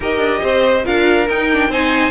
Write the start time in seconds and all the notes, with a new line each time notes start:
0.00 D#4 G4 A#4 D#5
0.18 D4
0.42 C4 C5
0.84 D4 F4 A#4 F5
1.28 D#4 G5
1.52 D4
1.68 C4 D#4 C5 G#5